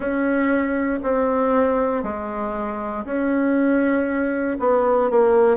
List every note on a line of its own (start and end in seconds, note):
0.00 0.99 C#4
1.03 2.03 C4
2.03 3.05 G#3
3.05 4.57 C#4
4.59 5.10 B3
5.10 5.57 A#3